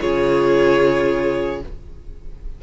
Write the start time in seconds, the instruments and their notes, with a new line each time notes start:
0.00 cello C#3, viola F4, violin G#4 C#5